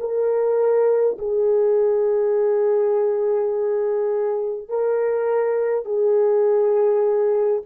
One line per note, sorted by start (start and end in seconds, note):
0.00 1.18 A#4
1.18 4.68 G#4
4.68 5.85 A#4
5.85 7.61 G#4